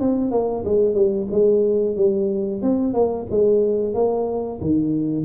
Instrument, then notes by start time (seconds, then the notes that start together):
tuba
0.00 C4
0.31 A#3
0.65 G#3
0.94 G3
1.31 G#3
1.96 G3
2.62 C4
2.93 A#3
3.31 G#3
3.94 A#3
4.61 D#3